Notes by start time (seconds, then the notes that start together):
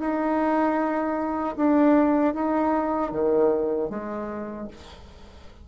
0.00 D#4
1.57 D4
2.34 D#4
3.12 D#3
3.90 G#3